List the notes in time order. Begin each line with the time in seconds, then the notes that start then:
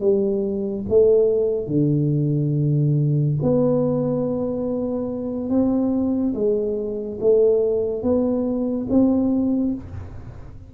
0.00 G3
0.89 A3
1.67 D3
3.42 B3
5.49 C4
6.34 G#3
7.20 A3
8.02 B3
8.89 C4